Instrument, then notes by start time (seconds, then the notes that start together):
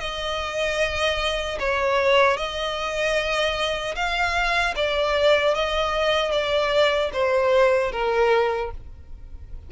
violin
0.00 D#5
1.59 C#5
2.37 D#5
3.95 F5
4.76 D5
5.54 D#5
6.31 D5
7.13 C5
7.92 A#4